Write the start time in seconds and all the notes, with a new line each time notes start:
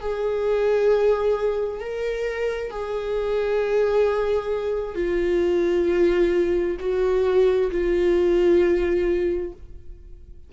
0.00 G#4
1.80 A#4
2.70 G#4
4.95 F4
6.79 F#4
7.70 F4